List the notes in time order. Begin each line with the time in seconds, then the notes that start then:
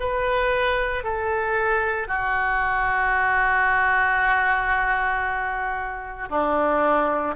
0.00 B4
1.04 A4
2.08 F#4
6.30 D4